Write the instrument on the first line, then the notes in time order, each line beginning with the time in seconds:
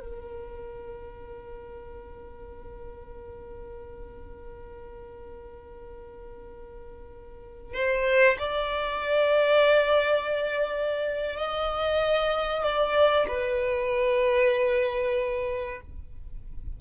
violin
0.00 A#4
7.74 C5
8.38 D5
11.37 D#5
12.63 D5
13.28 B4